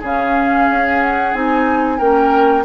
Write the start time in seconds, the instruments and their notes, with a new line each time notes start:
0.00 bassoon C#3, clarinet C#4, oboe G#4, flute F5
0.70 bassoon C#4
1.02 flute F#5
1.33 bassoon C4, clarinet D#4, flute G#5
1.98 bassoon A#3, clarinet C#4, oboe A#4, flute G5